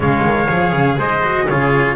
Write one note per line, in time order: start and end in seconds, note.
0.00 0.20 C#3
0.00 0.48 G#3
0.00 0.97 C#5
0.00 0.99 F5
0.23 0.48 D#3
0.48 0.72 F3
0.48 1.22 G#4
0.72 0.97 C#3
0.98 1.47 G#3
0.98 1.47 C5
0.98 1.47 D#5
1.23 1.48 F#4
1.47 1.96 C#3
1.47 1.96 F4
1.47 1.96 G#4
1.47 1.96 C#5